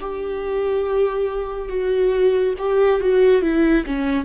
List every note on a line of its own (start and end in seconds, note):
0.00 1.68 G4
1.68 2.54 F#4
2.58 3.01 G4
3.01 3.42 F#4
3.42 3.85 E4
3.86 4.25 C#4